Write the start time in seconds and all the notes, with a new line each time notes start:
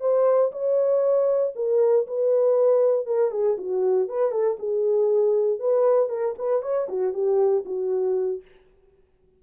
0.00 C5
0.51 C#5
1.55 A#4
2.06 B4
3.06 A#4
3.31 G#4
3.58 F#4
4.08 B4
4.31 A4
4.59 G#4
5.59 B4
6.09 A#4
6.38 B4
6.62 C#5
6.88 F#4
7.13 G4
7.65 F#4